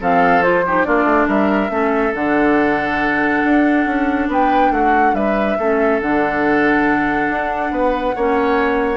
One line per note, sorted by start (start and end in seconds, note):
0.00 0.87 F3
0.00 0.43 C4
0.00 0.65 A4
0.00 0.43 F5
0.43 0.64 F4
0.43 0.85 C5
0.66 0.84 D#4
0.66 0.87 G4
0.84 1.04 A#3
0.84 1.69 D4
0.84 1.28 F4
0.84 1.27 D5
1.04 1.25 A3
1.28 1.70 G3
1.28 1.71 A#4
1.28 2.14 E5
1.69 2.13 A3
1.69 2.12 C#4
1.69 4.29 A4
2.15 3.43 D3
2.15 5.58 D4
2.15 4.29 F#5
3.44 3.85 D4
3.85 4.28 C#4
4.28 4.70 B3
4.28 4.72 B4
4.28 4.72 G5
4.70 5.13 A3
4.70 5.15 F#4
4.70 5.14 F#5
5.13 5.56 G3
5.13 5.58 B4
5.13 6.00 E5
5.58 6.01 A3
5.58 6.02 C#4
5.58 7.72 A4
6.01 7.29 D3
6.01 8.16 D4
6.01 8.97 F#5
7.29 7.71 D4
7.71 8.13 B3
7.71 8.15 B4
8.15 8.97 A#3
8.15 8.97 C#4
8.15 8.97 C#5